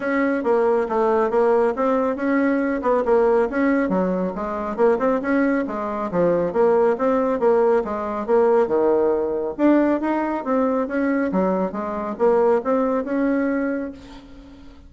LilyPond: \new Staff \with { instrumentName = "bassoon" } { \time 4/4 \tempo 4 = 138 cis'4 ais4 a4 ais4 | c'4 cis'4. b8 ais4 | cis'4 fis4 gis4 ais8 c'8 | cis'4 gis4 f4 ais4 |
c'4 ais4 gis4 ais4 | dis2 d'4 dis'4 | c'4 cis'4 fis4 gis4 | ais4 c'4 cis'2 | }